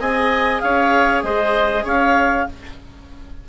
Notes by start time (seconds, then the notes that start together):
0.00 C4 G#4 D#5 G#5
0.60 C#4 C#5 F5
1.22 G#3 C5 D#5
1.84 C#4 C#5 F5